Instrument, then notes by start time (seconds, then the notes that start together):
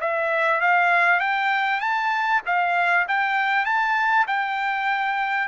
trumpet
0.00 E5
0.60 F5
1.20 G5
1.80 A5
2.46 F5
3.08 G5
3.65 A5
4.27 G5